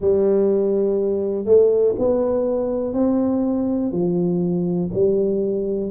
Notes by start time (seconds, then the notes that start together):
0.00 G3
1.45 A3
1.98 B3
2.93 C4
3.92 F3
4.93 G3